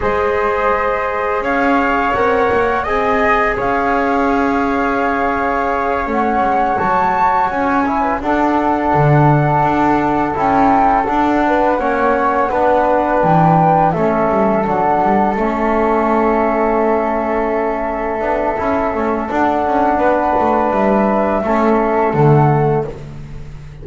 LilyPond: <<
  \new Staff \with { instrumentName = "flute" } { \time 4/4 \tempo 4 = 84 dis''2 f''4 fis''4 | gis''4 f''2.~ | f''8 fis''4 a''4 gis''4 fis''8~ | fis''2~ fis''8 g''4 fis''8~ |
fis''2~ fis''8 g''4 e''8~ | e''8 fis''4 e''2~ e''8~ | e''2. fis''4~ | fis''4 e''2 fis''4 | }
  \new Staff \with { instrumentName = "flute" } { \time 4/4 c''2 cis''2 | dis''4 cis''2.~ | cis''2.~ cis''16 b'16 a'8~ | a'1 |
b'8 cis''4 b'2 a'8~ | a'1~ | a'1 | b'2 a'2 | }
  \new Staff \with { instrumentName = "trombone" } { \time 4/4 gis'2. ais'4 | gis'1~ | gis'8 cis'4 fis'4. e'8 d'8~ | d'2~ d'8 e'4 d'8~ |
d'8 cis'4 d'2 cis'8~ | cis'8 d'4 cis'2~ cis'8~ | cis'4. d'8 e'8 cis'8 d'4~ | d'2 cis'4 a4 | }
  \new Staff \with { instrumentName = "double bass" } { \time 4/4 gis2 cis'4 c'8 ais8 | c'4 cis'2.~ | cis'8 a8 gis8 fis4 cis'4 d'8~ | d'8 d4 d'4 cis'4 d'8~ |
d'8 ais4 b4 e4 a8 | g8 fis8 g8 a2~ a8~ | a4. b8 cis'8 a8 d'8 cis'8 | b8 a8 g4 a4 d4 | }
>>